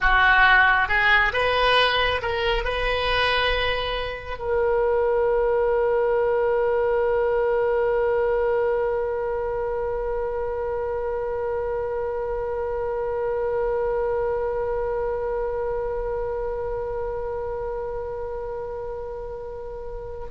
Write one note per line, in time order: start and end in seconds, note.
0.00 0.88 F#4
0.88 1.32 G#4
1.32 2.21 B4
2.21 2.64 A#4
2.64 4.38 B4
4.38 20.26 A#4